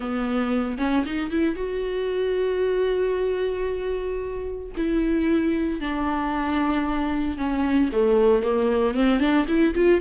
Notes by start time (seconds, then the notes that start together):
0.00 B3
0.78 C#4
1.05 D#4
1.30 E4
1.55 F#4
4.76 E4
5.80 D4
7.37 C#4
7.92 A3
8.43 A#3
8.94 C4
9.19 D4
9.48 E4
9.74 F4